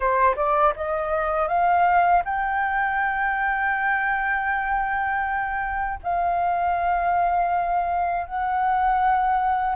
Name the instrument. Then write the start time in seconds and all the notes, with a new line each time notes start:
flute
0.00 C5
0.36 D5
0.76 D#5
1.48 F5
2.24 G5
6.03 F5
8.26 F#5